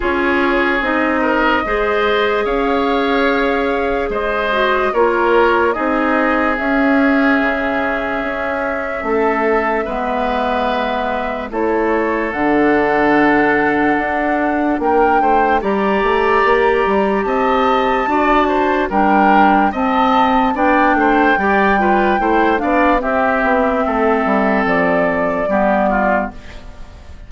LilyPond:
<<
  \new Staff \with { instrumentName = "flute" } { \time 4/4 \tempo 4 = 73 cis''4 dis''2 f''4~ | f''4 dis''4 cis''4 dis''4 | e''1~ | e''2 cis''4 fis''4~ |
fis''2 g''4 ais''4~ | ais''4 a''2 g''4 | a''4 g''2~ g''8 f''8 | e''2 d''2 | }
  \new Staff \with { instrumentName = "oboe" } { \time 4/4 gis'4. ais'8 c''4 cis''4~ | cis''4 c''4 ais'4 gis'4~ | gis'2. a'4 | b'2 a'2~ |
a'2 ais'8 c''8 d''4~ | d''4 dis''4 d''8 c''8 ais'4 | dis''4 d''8 c''8 d''8 b'8 c''8 d''8 | g'4 a'2 g'8 f'8 | }
  \new Staff \with { instrumentName = "clarinet" } { \time 4/4 f'4 dis'4 gis'2~ | gis'4. fis'8 f'4 dis'4 | cis'1 | b2 e'4 d'4~ |
d'2. g'4~ | g'2 fis'4 d'4 | c'4 d'4 g'8 f'8 e'8 d'8 | c'2. b4 | }
  \new Staff \with { instrumentName = "bassoon" } { \time 4/4 cis'4 c'4 gis4 cis'4~ | cis'4 gis4 ais4 c'4 | cis'4 cis4 cis'4 a4 | gis2 a4 d4~ |
d4 d'4 ais8 a8 g8 a8 | ais8 g8 c'4 d'4 g4 | c'4 b8 a8 g4 a8 b8 | c'8 b8 a8 g8 f4 g4 | }
>>